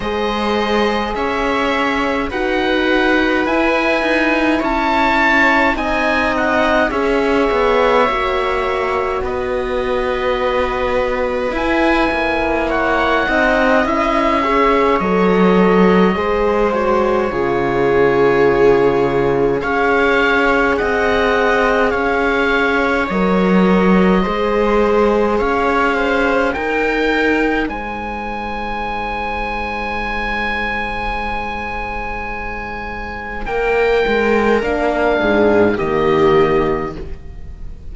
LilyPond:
<<
  \new Staff \with { instrumentName = "oboe" } { \time 4/4 \tempo 4 = 52 dis''4 e''4 fis''4 gis''4 | a''4 gis''8 fis''8 e''2 | dis''2 gis''4 fis''4 | e''4 dis''4. cis''4.~ |
cis''4 f''4 fis''4 f''4 | dis''2 f''4 g''4 | gis''1~ | gis''4 g''4 f''4 dis''4 | }
  \new Staff \with { instrumentName = "viola" } { \time 4/4 c''4 cis''4 b'2 | cis''4 dis''4 cis''2 | b'2. cis''8 dis''8~ | dis''8 cis''4. c''4 gis'4~ |
gis'4 cis''4 dis''4 cis''4~ | cis''4 c''4 cis''8 c''8 ais'4 | c''1~ | c''4 ais'4. gis'8 g'4 | }
  \new Staff \with { instrumentName = "horn" } { \time 4/4 gis'2 fis'4 e'4~ | e'4 dis'4 gis'4 fis'4~ | fis'2 e'4. dis'8 | e'8 gis'8 a'4 gis'8 fis'8 f'4~ |
f'4 gis'2. | ais'4 gis'2 dis'4~ | dis'1~ | dis'2 d'4 ais4 | }
  \new Staff \with { instrumentName = "cello" } { \time 4/4 gis4 cis'4 dis'4 e'8 dis'8 | cis'4 c'4 cis'8 b8 ais4 | b2 e'8 ais4 c'8 | cis'4 fis4 gis4 cis4~ |
cis4 cis'4 c'4 cis'4 | fis4 gis4 cis'4 dis'4 | gis1~ | gis4 ais8 gis8 ais8 gis,8 dis4 | }
>>